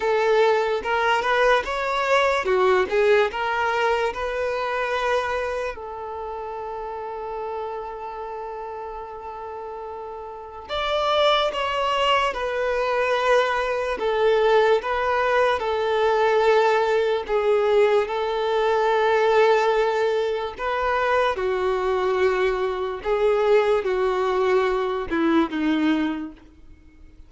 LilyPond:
\new Staff \with { instrumentName = "violin" } { \time 4/4 \tempo 4 = 73 a'4 ais'8 b'8 cis''4 fis'8 gis'8 | ais'4 b'2 a'4~ | a'1~ | a'4 d''4 cis''4 b'4~ |
b'4 a'4 b'4 a'4~ | a'4 gis'4 a'2~ | a'4 b'4 fis'2 | gis'4 fis'4. e'8 dis'4 | }